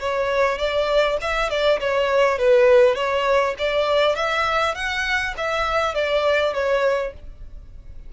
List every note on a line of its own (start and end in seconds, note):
0.00 0.59 C#5
0.59 1.18 D5
1.22 1.50 E5
1.50 1.80 D5
1.80 2.38 C#5
2.38 2.96 B4
2.96 3.55 C#5
3.59 4.16 D5
4.16 4.75 E5
4.75 5.35 F#5
5.38 5.95 E5
5.95 6.54 D5
6.54 7.13 C#5